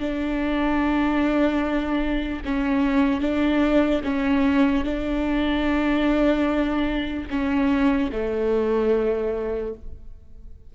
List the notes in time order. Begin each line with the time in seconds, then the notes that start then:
0.00 D4
2.45 C#4
3.21 D4
4.04 C#4
4.85 D4
7.30 C#4
8.12 A3